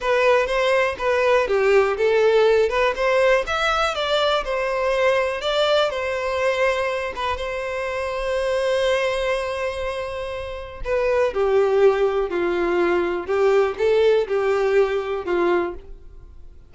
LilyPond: \new Staff \with { instrumentName = "violin" } { \time 4/4 \tempo 4 = 122 b'4 c''4 b'4 g'4 | a'4. b'8 c''4 e''4 | d''4 c''2 d''4 | c''2~ c''8 b'8 c''4~ |
c''1~ | c''2 b'4 g'4~ | g'4 f'2 g'4 | a'4 g'2 f'4 | }